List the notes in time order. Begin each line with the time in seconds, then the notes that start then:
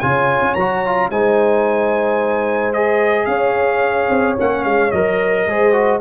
0.00 C#3 F4 C#5 G#5
0.41 C#4
0.55 F#3 F#4 A#5
0.86 F4
1.10 G#3 D#4 C5 G#5
2.74 G#4 D#5
3.26 C#4 C#5 F5
4.10 C4
4.38 A#3 C#4 F#5
4.64 G#3 F5
4.91 F#3 A#4 D#5
5.47 G#3 G#4 C5
5.73 F#4